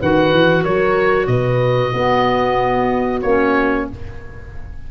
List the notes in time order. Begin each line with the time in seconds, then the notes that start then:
0.00 D#3 F#4 B4 F#5
0.32 E3
0.63 F#3 A#4 C#5
1.27 B2 B4 D#5
1.93 B3 F#4
3.22 A#3 C#4 C#5